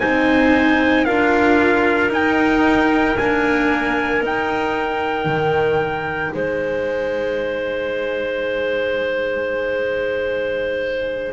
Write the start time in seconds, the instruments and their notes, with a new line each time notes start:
0.00 double bass C4, cello D#4, clarinet C5, trumpet G#5
1.05 double bass D4, cello F4, clarinet A#4, trumpet F5
2.09 cello D#4, double bass D#4, trumpet G5
3.17 cello A#3, double bass D4, trumpet G#5
4.21 double bass D#4, cello D#4, trumpet G5
5.25 double bass D#3
6.34 double bass G#3, clarinet C5, trumpet G#5